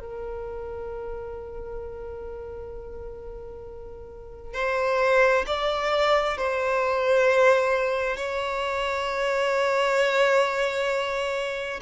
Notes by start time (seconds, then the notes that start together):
0.00 A#4
4.54 C5
5.46 D5
6.37 C5
8.17 C#5